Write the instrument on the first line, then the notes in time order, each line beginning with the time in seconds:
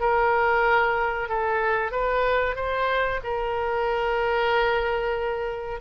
oboe
0.00 A#4
1.29 A4
1.91 B4
2.55 C5
3.23 A#4